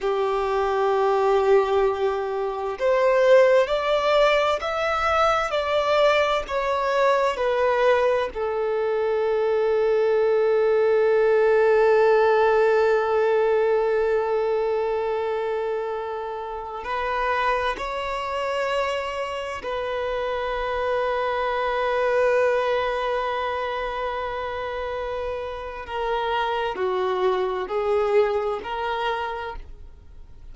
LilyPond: \new Staff \with { instrumentName = "violin" } { \time 4/4 \tempo 4 = 65 g'2. c''4 | d''4 e''4 d''4 cis''4 | b'4 a'2.~ | a'1~ |
a'2~ a'16 b'4 cis''8.~ | cis''4~ cis''16 b'2~ b'8.~ | b'1 | ais'4 fis'4 gis'4 ais'4 | }